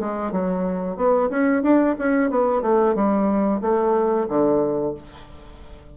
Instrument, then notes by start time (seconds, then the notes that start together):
bassoon
0.00 G#3
0.32 F#3
0.97 B3
1.30 C#4
1.62 D4
1.99 C#4
2.30 B3
2.62 A3
2.95 G3
3.61 A3
4.29 D3